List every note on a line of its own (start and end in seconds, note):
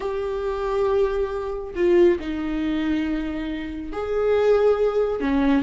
0.00 1.74 G4
1.75 2.18 F4
2.19 3.92 D#4
3.92 5.20 G#4
5.20 5.62 C#4